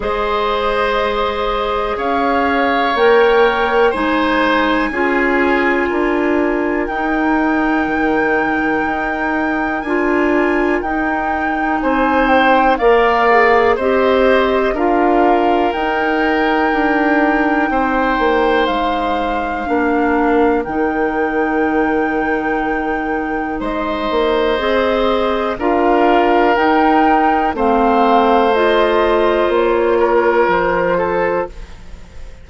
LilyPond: <<
  \new Staff \with { instrumentName = "flute" } { \time 4/4 \tempo 4 = 61 dis''2 f''4 g''4 | gis''2. g''4~ | g''2 gis''4 g''4 | gis''8 g''8 f''4 dis''4 f''4 |
g''2. f''4~ | f''4 g''2. | dis''2 f''4 g''4 | f''4 dis''4 cis''4 c''4 | }
  \new Staff \with { instrumentName = "oboe" } { \time 4/4 c''2 cis''2 | c''4 gis'4 ais'2~ | ais'1 | c''4 d''4 c''4 ais'4~ |
ais'2 c''2 | ais'1 | c''2 ais'2 | c''2~ c''8 ais'4 a'8 | }
  \new Staff \with { instrumentName = "clarinet" } { \time 4/4 gis'2. ais'4 | dis'4 f'2 dis'4~ | dis'2 f'4 dis'4~ | dis'4 ais'8 gis'8 g'4 f'4 |
dis'1 | d'4 dis'2.~ | dis'4 gis'4 f'4 dis'4 | c'4 f'2. | }
  \new Staff \with { instrumentName = "bassoon" } { \time 4/4 gis2 cis'4 ais4 | gis4 cis'4 d'4 dis'4 | dis4 dis'4 d'4 dis'4 | c'4 ais4 c'4 d'4 |
dis'4 d'4 c'8 ais8 gis4 | ais4 dis2. | gis8 ais8 c'4 d'4 dis'4 | a2 ais4 f4 | }
>>